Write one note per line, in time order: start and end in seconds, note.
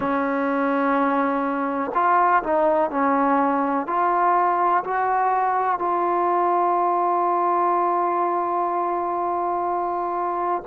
0.00 1.91 C#4
1.94 2.42 F4
2.43 2.90 D#4
2.90 3.86 C#4
3.86 4.83 F4
4.83 5.78 F#4
5.78 10.62 F4